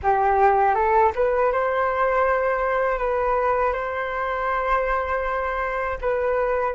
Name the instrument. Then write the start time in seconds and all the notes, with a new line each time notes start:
flute
0.02 G4
0.74 A4
1.15 B4
1.52 C5
2.98 B4
3.73 C5
6.01 B4